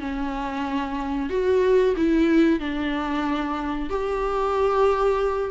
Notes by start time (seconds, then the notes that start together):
0.00 C#4
1.30 F#4
1.97 E4
2.60 D4
3.90 G4